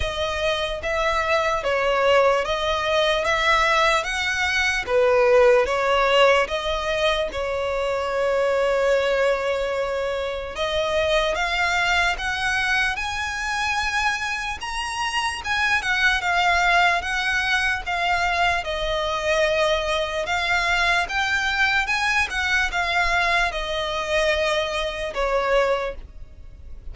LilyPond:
\new Staff \with { instrumentName = "violin" } { \time 4/4 \tempo 4 = 74 dis''4 e''4 cis''4 dis''4 | e''4 fis''4 b'4 cis''4 | dis''4 cis''2.~ | cis''4 dis''4 f''4 fis''4 |
gis''2 ais''4 gis''8 fis''8 | f''4 fis''4 f''4 dis''4~ | dis''4 f''4 g''4 gis''8 fis''8 | f''4 dis''2 cis''4 | }